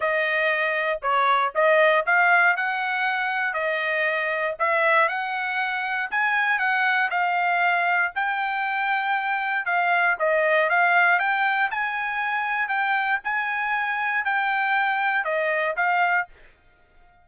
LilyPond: \new Staff \with { instrumentName = "trumpet" } { \time 4/4 \tempo 4 = 118 dis''2 cis''4 dis''4 | f''4 fis''2 dis''4~ | dis''4 e''4 fis''2 | gis''4 fis''4 f''2 |
g''2. f''4 | dis''4 f''4 g''4 gis''4~ | gis''4 g''4 gis''2 | g''2 dis''4 f''4 | }